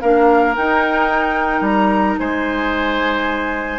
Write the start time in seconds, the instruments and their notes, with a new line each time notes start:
0.00 bassoon A#3, clarinet D4, oboe A#4, flute F5
0.55 clarinet D#4, bassoon D#4, flute G5
1.60 bassoon G3, flute A#5
2.19 bassoon G#3, oboe C5, flute G#5